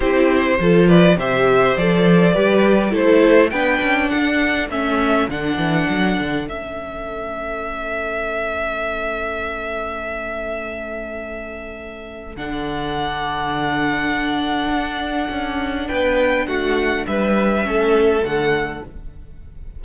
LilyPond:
<<
  \new Staff \with { instrumentName = "violin" } { \time 4/4 \tempo 4 = 102 c''4. d''8 e''4 d''4~ | d''4 c''4 g''4 fis''4 | e''4 fis''2 e''4~ | e''1~ |
e''1~ | e''4 fis''2.~ | fis''2. g''4 | fis''4 e''2 fis''4 | }
  \new Staff \with { instrumentName = "violin" } { \time 4/4 g'4 a'8 b'8 c''2 | b'4 a'4 b'4 a'4~ | a'1~ | a'1~ |
a'1~ | a'1~ | a'2. b'4 | fis'4 b'4 a'2 | }
  \new Staff \with { instrumentName = "viola" } { \time 4/4 e'4 f'4 g'4 a'4 | g'4 e'4 d'2 | cis'4 d'2 cis'4~ | cis'1~ |
cis'1~ | cis'4 d'2.~ | d'1~ | d'2 cis'4 a4 | }
  \new Staff \with { instrumentName = "cello" } { \time 4/4 c'4 f4 c4 f4 | g4 a4 b8 cis'8 d'4 | a4 d8 e8 fis8 d8 a4~ | a1~ |
a1~ | a4 d2.~ | d4 d'4 cis'4 b4 | a4 g4 a4 d4 | }
>>